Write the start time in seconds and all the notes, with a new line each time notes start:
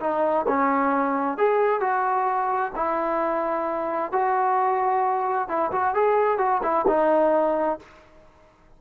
0.00 D#4
0.47 C#4
1.38 G#4
1.80 F#4
2.75 E4
4.12 F#4
5.48 E4
5.72 F#4
5.95 G#4
6.38 F#4
6.63 E4
6.87 D#4